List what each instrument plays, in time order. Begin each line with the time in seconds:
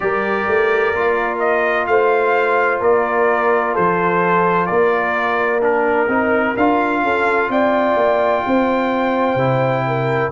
0.00 tuba G3, trombone G4, horn A#4, trumpet D5
0.47 tuba A3
0.94 tuba A#3, trombone F4
1.39 trumpet D#5
1.86 tuba A3, horn C5, trumpet F5
2.80 tuba A#3, horn A#4, trumpet D5
3.73 tuba F3, horn A4, trumpet C5
4.66 tuba A#3, horn A#4, trumpet D5
5.60 trombone D4, trumpet A#4
6.08 tuba C4, trombone D#4
6.56 tuba D4, trombone F4, trumpet F5
7.03 tuba C#4, horn A4
7.49 tuba C4, horn D5, trumpet G5
7.96 tuba A#3
8.45 tuba C4, horn C5
9.35 tuba C3, trombone E4
9.87 horn A#4